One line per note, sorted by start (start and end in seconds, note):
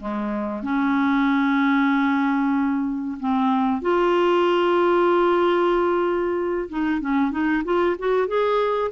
0.00 0.63 G#3
0.63 3.18 C#4
3.20 3.81 C4
3.81 6.68 F4
6.69 7.01 D#4
7.01 7.31 C#4
7.31 7.63 D#4
7.65 7.96 F4
7.99 8.27 F#4
8.27 8.91 G#4